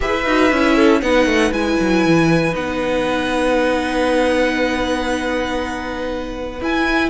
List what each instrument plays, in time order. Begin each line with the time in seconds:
0.00 cello E4, viola G#4, violin B4 E5
0.25 cello D#4, viola F#4
0.51 cello C#4, viola E4
0.75 violin A4
1.01 cello B3, viola D#4, violin B4 F#5
1.26 cello A3
1.51 cello G#3, viola E4, violin G#5
1.80 cello F#3
2.05 cello E3
2.51 cello B3, viola D#4, violin F#5
6.61 cello E4, viola E4, violin G#5